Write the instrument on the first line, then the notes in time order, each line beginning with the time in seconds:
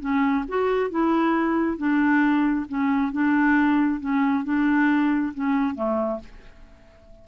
clarinet
0.00 C#4
0.48 F#4
0.90 E4
1.77 D4
2.68 C#4
3.12 D4
4.00 C#4
4.44 D4
5.34 C#4
5.75 A3